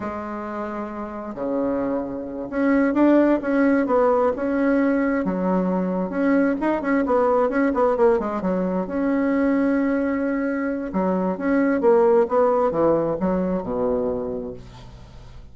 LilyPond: \new Staff \with { instrumentName = "bassoon" } { \time 4/4 \tempo 4 = 132 gis2. cis4~ | cis4. cis'4 d'4 cis'8~ | cis'8 b4 cis'2 fis8~ | fis4. cis'4 dis'8 cis'8 b8~ |
b8 cis'8 b8 ais8 gis8 fis4 cis'8~ | cis'1 | fis4 cis'4 ais4 b4 | e4 fis4 b,2 | }